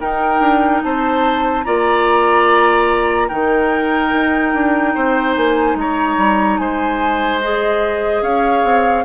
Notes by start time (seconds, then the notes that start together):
0.00 D#4 A#4 G5
0.40 D4
0.83 C4 C5 A5
1.65 A#3 F4 D5 A#5
3.29 D#3 D#4 A#4 G5
4.13 D#4
4.54 D4
4.95 C4 C5
5.36 A#3 G#5
5.75 G#3 C#5 A#5
6.18 G3
6.58 G#3 C5 G#5
7.41 G#4 D#5
8.22 C#4 C#5 F5
8.64 C4